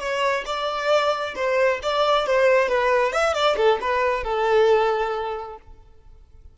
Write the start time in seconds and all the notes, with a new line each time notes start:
0.00 C#5
0.46 D5
1.35 C5
1.83 D5
2.27 C5
2.69 B4
3.13 E5
3.34 D5
3.57 A4
3.81 B4
4.24 A4